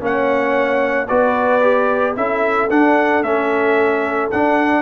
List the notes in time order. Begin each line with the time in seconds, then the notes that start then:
0.00 A#3 C#4 C#5 F#5
1.08 B3 F#4 B4 D5
1.61 G4
2.16 C#4 E4 A4 E5
2.71 D4 F#5
3.23 A3 C#4 E5
4.31 D4 F#5